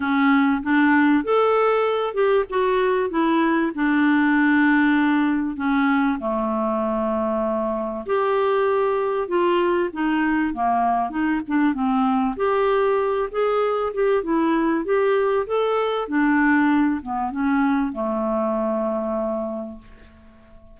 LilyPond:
\new Staff \with { instrumentName = "clarinet" } { \time 4/4 \tempo 4 = 97 cis'4 d'4 a'4. g'8 | fis'4 e'4 d'2~ | d'4 cis'4 a2~ | a4 g'2 f'4 |
dis'4 ais4 dis'8 d'8 c'4 | g'4. gis'4 g'8 e'4 | g'4 a'4 d'4. b8 | cis'4 a2. | }